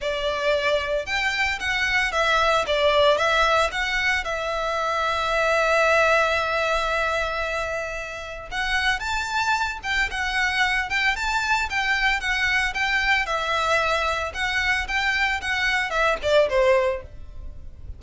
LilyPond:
\new Staff \with { instrumentName = "violin" } { \time 4/4 \tempo 4 = 113 d''2 g''4 fis''4 | e''4 d''4 e''4 fis''4 | e''1~ | e''1 |
fis''4 a''4. g''8 fis''4~ | fis''8 g''8 a''4 g''4 fis''4 | g''4 e''2 fis''4 | g''4 fis''4 e''8 d''8 c''4 | }